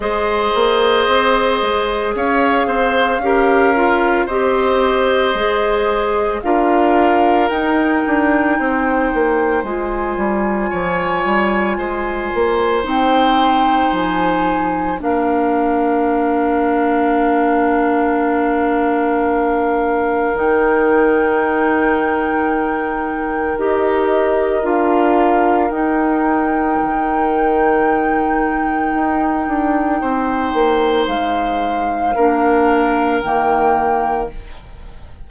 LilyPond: <<
  \new Staff \with { instrumentName = "flute" } { \time 4/4 \tempo 4 = 56 dis''2 f''2 | dis''2 f''4 g''4~ | g''4 gis''2. | g''4 gis''4 f''2~ |
f''2. g''4~ | g''2 dis''4 f''4 | g''1~ | g''4 f''2 g''4 | }
  \new Staff \with { instrumentName = "oboe" } { \time 4/4 c''2 cis''8 c''8 ais'4 | c''2 ais'2 | c''2 cis''4 c''4~ | c''2 ais'2~ |
ais'1~ | ais'1~ | ais'1 | c''2 ais'2 | }
  \new Staff \with { instrumentName = "clarinet" } { \time 4/4 gis'2. g'8 f'8 | g'4 gis'4 f'4 dis'4~ | dis'4 f'2. | dis'2 d'2~ |
d'2. dis'4~ | dis'2 g'4 f'4 | dis'1~ | dis'2 d'4 ais4 | }
  \new Staff \with { instrumentName = "bassoon" } { \time 4/4 gis8 ais8 c'8 gis8 cis'8 c'8 cis'4 | c'4 gis4 d'4 dis'8 d'8 | c'8 ais8 gis8 g8 f8 g8 gis8 ais8 | c'4 f4 ais2~ |
ais2. dis4~ | dis2 dis'4 d'4 | dis'4 dis2 dis'8 d'8 | c'8 ais8 gis4 ais4 dis4 | }
>>